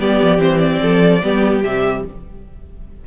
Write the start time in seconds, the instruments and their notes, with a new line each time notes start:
0.00 cello G3, viola B3, violin G4 D5
0.22 cello F3
0.38 cello E3, viola C4, violin C5
0.58 violin D5
0.82 cello F3, violin A4
1.23 cello G3, viola B3, violin G4
1.63 cello C3, viola G3, violin E5